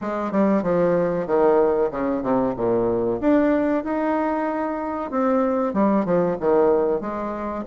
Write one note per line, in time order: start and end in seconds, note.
0.01 0.31 G#3
0.31 0.62 G3
0.62 1.26 F3
1.26 1.90 D#3
1.91 2.22 C#3
2.22 2.54 C3
2.56 3.20 A#2
3.20 3.84 D4
3.84 5.10 D#4
5.10 5.73 C4
5.73 6.05 G3
6.05 6.37 F3
6.39 7.00 D#3
7.00 7.64 G#3